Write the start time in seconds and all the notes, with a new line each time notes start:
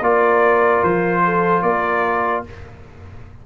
0.00 A#3 F4 A#4 D5
0.84 F3 C5
1.25 A4
1.63 A#3 A#4 D5